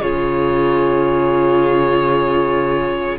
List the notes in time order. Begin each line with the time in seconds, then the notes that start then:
0.00 C#3 F4 G#4 C#5